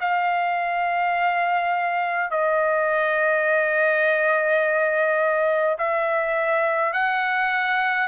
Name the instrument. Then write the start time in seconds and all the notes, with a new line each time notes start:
trumpet
0.00 F5
2.31 D#5
5.78 E5
6.93 F#5